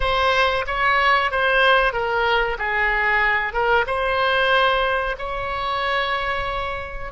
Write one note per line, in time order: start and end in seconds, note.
0.00 0.65 C5
0.66 1.31 C#5
1.31 1.92 C5
1.92 2.57 A#4
2.58 3.53 G#4
3.53 3.85 A#4
3.87 5.16 C5
5.18 7.11 C#5